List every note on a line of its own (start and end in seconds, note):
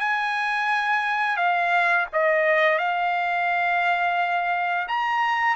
0.00 1.37 G#5
1.37 2.06 F5
2.13 2.78 D#5
2.78 4.88 F5
4.88 5.56 A#5